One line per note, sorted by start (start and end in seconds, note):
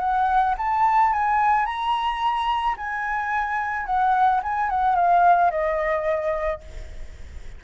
0.00 0.55 F#5
0.58 1.13 A5
1.13 1.66 G#5
1.66 2.76 A#5
2.77 3.86 G#5
3.86 4.41 F#5
4.43 4.70 G#5
4.70 4.96 F#5
4.96 5.51 F5
5.51 6.61 D#5